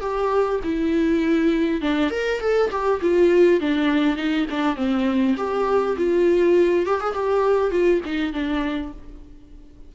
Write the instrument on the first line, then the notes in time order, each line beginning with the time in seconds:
viola
0.00 G4
0.63 E4
1.81 D4
2.10 A#4
2.40 A4
2.70 G4
3.01 F4
3.60 D4
4.16 D#4
4.50 D4
4.76 C4
5.37 G4
5.97 F4
6.85 G4
7.00 G#4
7.13 G4
7.71 F4
8.05 D#4
8.32 D4